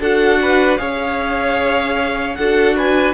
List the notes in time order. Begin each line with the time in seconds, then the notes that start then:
0.00 D4 F#4 A4 F#5
0.42 B4
0.78 C#4 G#4 C#5 F5
2.36 D4 F#4 A4 F#5
2.76 B4 G#5